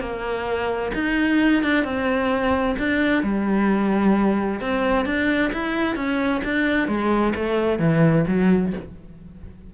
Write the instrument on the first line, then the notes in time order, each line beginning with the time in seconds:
cello
0.00 A#3
0.94 D#4
1.63 D4
1.84 C4
2.78 D4
3.23 G3
4.61 C4
5.05 D4
5.53 E4
5.96 C#4
6.44 D4
6.88 G#3
7.35 A3
7.79 E3
8.27 F#3